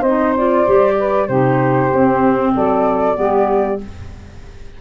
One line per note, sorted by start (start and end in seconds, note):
0.00 0.65 C4
0.00 0.94 C5
0.00 0.34 D#5
0.06 0.37 D#4
0.36 0.67 F4
0.36 1.27 D5
0.67 1.29 G3
0.67 1.29 G4
0.99 1.26 B4
1.26 1.91 C3
1.26 1.91 D#4
1.26 2.51 G4
1.26 2.52 C5
1.91 3.14 C4
1.91 2.55 C4
2.54 3.18 F#3
2.54 3.17 A4
2.54 3.80 D5
3.14 3.81 G3
3.14 3.76 B3
3.14 3.80 G4